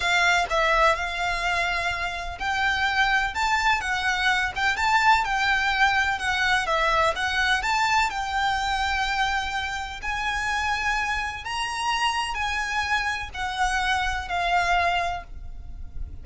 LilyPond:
\new Staff \with { instrumentName = "violin" } { \time 4/4 \tempo 4 = 126 f''4 e''4 f''2~ | f''4 g''2 a''4 | fis''4. g''8 a''4 g''4~ | g''4 fis''4 e''4 fis''4 |
a''4 g''2.~ | g''4 gis''2. | ais''2 gis''2 | fis''2 f''2 | }